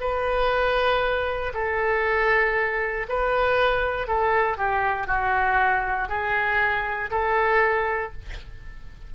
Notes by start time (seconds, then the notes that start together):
0.00 B4
1.54 A4
3.08 B4
4.07 A4
4.57 G4
5.07 F#4
6.08 G#4
7.10 A4